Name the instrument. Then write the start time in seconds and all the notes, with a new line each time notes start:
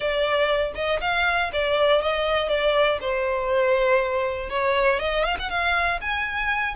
violin
0.00 D5
0.75 D#5
1.00 F5
1.52 D5
2.01 D#5
2.49 D5
3.00 C5
4.49 C#5
4.99 D#5
5.24 F5
5.39 F#5
5.49 F5
6.01 G#5